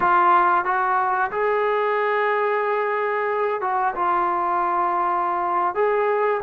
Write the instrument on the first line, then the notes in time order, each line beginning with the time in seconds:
trombone
0.00 F4
0.64 F#4
1.31 G#4
3.61 F#4
3.95 F4
5.75 G#4